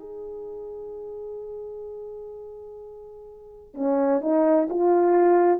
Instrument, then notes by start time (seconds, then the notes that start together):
horn
0.00 G#4
3.75 C#4
4.22 D#4
4.70 F4